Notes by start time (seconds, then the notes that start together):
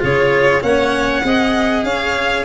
0.00 C#3 F4 G#4 C#5
0.61 A#3 C#4 C#5 F#5
1.23 C4 G#4 D#5
1.84 C#4 C#5 F5